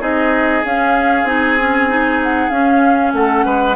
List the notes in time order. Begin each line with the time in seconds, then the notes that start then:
0.00 C4 D#4 G#4 D#5
0.64 C#4 F5
1.23 C4 D#4 G#5
1.59 C#4
1.89 D#4
2.23 F#5
2.49 C#4 F5
3.13 A3 A4 F#5
3.45 G#3 B4